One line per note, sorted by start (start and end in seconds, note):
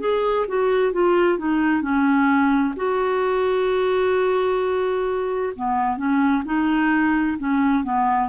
0.00 0.46 G#4
0.48 0.93 F#4
0.93 1.38 F4
1.38 1.82 D#4
1.82 2.74 C#4
2.77 5.53 F#4
5.56 5.97 B3
5.97 6.44 C#4
6.45 7.38 D#4
7.38 7.84 C#4
7.84 8.29 B3